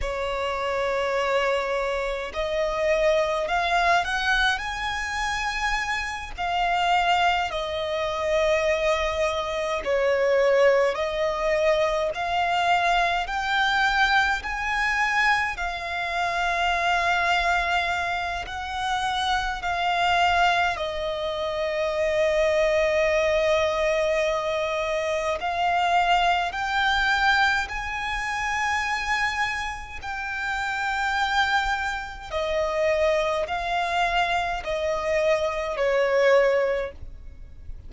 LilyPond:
\new Staff \with { instrumentName = "violin" } { \time 4/4 \tempo 4 = 52 cis''2 dis''4 f''8 fis''8 | gis''4. f''4 dis''4.~ | dis''8 cis''4 dis''4 f''4 g''8~ | g''8 gis''4 f''2~ f''8 |
fis''4 f''4 dis''2~ | dis''2 f''4 g''4 | gis''2 g''2 | dis''4 f''4 dis''4 cis''4 | }